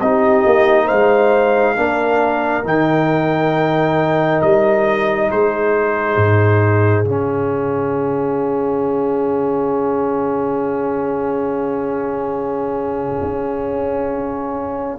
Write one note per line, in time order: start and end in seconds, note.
0.00 0.44 C4
0.00 1.76 D#4
0.00 0.85 G4
0.00 0.87 D#5
0.46 0.90 A#3
0.85 1.77 G#3
0.85 1.73 C5
0.85 2.64 F5
1.76 2.64 A#3
1.76 2.63 D4
1.76 5.30 A#4
2.63 4.41 D#3
2.63 7.05 D#4
2.63 4.41 G5
4.41 5.30 G3
4.41 5.30 D#5
5.31 6.16 G#3
5.31 14.98 G#4
5.31 7.06 C5
6.16 7.04 G#2
7.04 13.22 C#3
7.04 14.98 C#4
7.04 14.98 F5
13.22 14.98 C#4